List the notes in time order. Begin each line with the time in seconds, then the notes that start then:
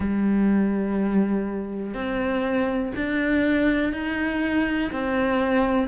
0.00 G3
1.94 C4
2.96 D4
3.93 D#4
4.92 C4